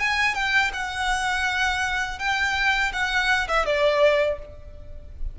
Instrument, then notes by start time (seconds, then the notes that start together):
violin
0.00 G#5
0.35 G5
0.74 F#5
2.20 G5
2.93 F#5
3.49 E5
3.66 D5